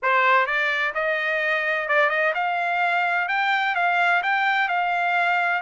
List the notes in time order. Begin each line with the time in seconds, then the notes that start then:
0.02 C5
0.46 D5
0.94 D#5
1.88 D5
2.09 D#5
2.34 F5
3.28 G5
3.75 F5
4.22 G5
4.68 F5